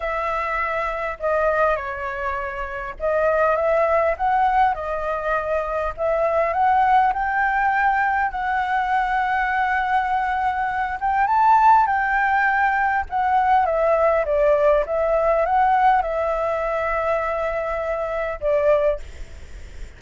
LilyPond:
\new Staff \with { instrumentName = "flute" } { \time 4/4 \tempo 4 = 101 e''2 dis''4 cis''4~ | cis''4 dis''4 e''4 fis''4 | dis''2 e''4 fis''4 | g''2 fis''2~ |
fis''2~ fis''8 g''8 a''4 | g''2 fis''4 e''4 | d''4 e''4 fis''4 e''4~ | e''2. d''4 | }